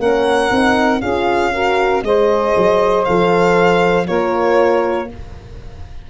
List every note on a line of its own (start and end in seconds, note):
0.00 0.51 A#3
0.00 0.51 C#4
0.00 1.01 A#4
0.00 1.02 F#5
0.51 1.02 C4
0.51 1.02 D#4
1.01 2.03 C#4
1.01 1.54 F4
1.01 1.51 G#4
1.01 2.03 F5
1.53 2.05 F#4
1.53 2.04 A#4
2.03 2.54 G#3
2.03 3.07 G#4
2.03 4.08 C5
2.03 3.05 D#5
2.57 3.08 F#3
3.05 4.08 F3
3.05 4.07 A4
3.05 4.07 F5
4.07 5.10 A#3
4.07 5.08 F4
4.07 5.09 A#4
4.07 5.09 C#5